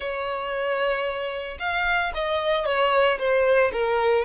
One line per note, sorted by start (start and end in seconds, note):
0.00 1.57 C#5
1.59 2.12 F5
2.14 2.65 D#5
2.65 3.18 C#5
3.18 3.71 C5
3.72 4.25 A#4